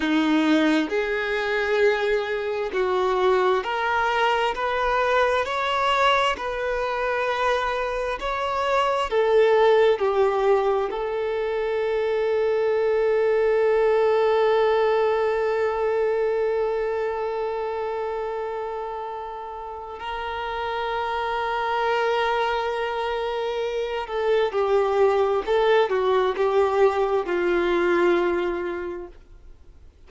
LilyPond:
\new Staff \with { instrumentName = "violin" } { \time 4/4 \tempo 4 = 66 dis'4 gis'2 fis'4 | ais'4 b'4 cis''4 b'4~ | b'4 cis''4 a'4 g'4 | a'1~ |
a'1~ | a'2 ais'2~ | ais'2~ ais'8 a'8 g'4 | a'8 fis'8 g'4 f'2 | }